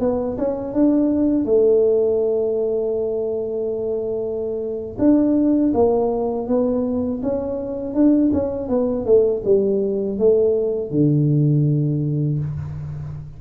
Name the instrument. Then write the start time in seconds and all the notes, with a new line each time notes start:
tuba
0.00 B3
0.38 C#4
0.73 D4
1.45 A3
4.99 D4
5.74 A#3
6.47 B3
7.23 C#4
7.94 D4
8.33 C#4
8.68 B3
9.05 A3
9.45 G3
10.19 A3
10.91 D3